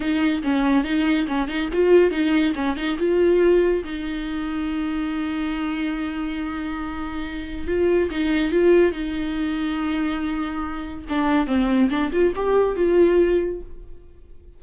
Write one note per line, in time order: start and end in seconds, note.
0.00 0.42 D#4
0.43 0.84 C#4
0.84 1.26 D#4
1.27 1.48 C#4
1.48 1.69 D#4
1.72 2.11 F4
2.11 2.53 D#4
2.55 2.76 C#4
2.76 2.97 D#4
2.98 3.83 F4
3.84 7.67 D#4
7.67 8.09 F4
8.10 8.51 D#4
8.51 8.92 F4
8.92 11.04 D#4
11.09 11.46 D4
11.46 11.89 C4
11.90 12.11 D4
12.12 12.33 F4
12.35 12.76 G4
12.76 13.61 F4